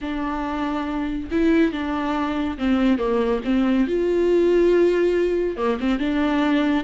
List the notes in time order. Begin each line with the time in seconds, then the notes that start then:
0.01 D4
1.31 E4
1.72 D4
2.58 C4
2.98 A#3
3.44 C4
3.87 F4
5.56 A#3
5.80 C4
5.99 D4